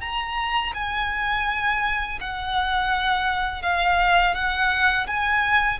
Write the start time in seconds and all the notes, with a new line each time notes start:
0.00 A#5
0.74 G#5
2.20 F#5
3.62 F5
4.34 F#5
5.07 G#5